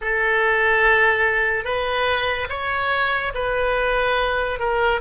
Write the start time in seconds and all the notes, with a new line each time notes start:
0.01 A4
1.64 B4
2.49 C#5
3.34 B4
4.59 A#4